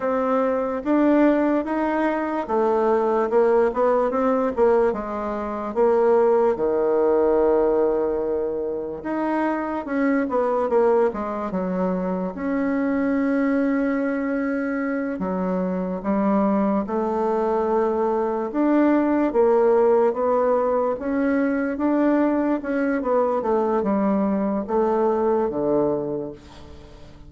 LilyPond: \new Staff \with { instrumentName = "bassoon" } { \time 4/4 \tempo 4 = 73 c'4 d'4 dis'4 a4 | ais8 b8 c'8 ais8 gis4 ais4 | dis2. dis'4 | cis'8 b8 ais8 gis8 fis4 cis'4~ |
cis'2~ cis'8 fis4 g8~ | g8 a2 d'4 ais8~ | ais8 b4 cis'4 d'4 cis'8 | b8 a8 g4 a4 d4 | }